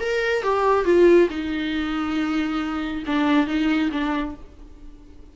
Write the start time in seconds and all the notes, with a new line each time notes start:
0.00 A#4
0.43 G4
0.85 F4
1.30 D#4
3.07 D4
3.47 D#4
3.92 D4